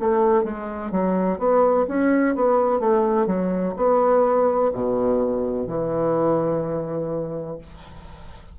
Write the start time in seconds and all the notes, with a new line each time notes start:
0.00 A3
0.44 G#3
0.92 F#3
1.39 B3
1.88 C#4
2.35 B3
2.80 A3
3.27 F#3
3.77 B3
4.73 B2
5.68 E3